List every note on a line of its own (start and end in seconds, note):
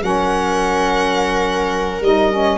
0.00 2.01 F#3
0.00 2.00 C#4
0.00 2.58 A#4
0.00 2.03 F#5
2.01 2.58 G3
2.01 2.31 D#4
2.01 2.58 D#5
2.31 2.58 C#4